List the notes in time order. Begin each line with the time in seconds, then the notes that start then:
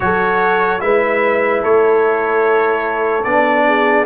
0.00 F#3 F#4 A4 C#5
0.80 G#3 E4 B4 E5
1.62 A3 A4 C#5
3.23 B3 D4 D5
3.67 G#4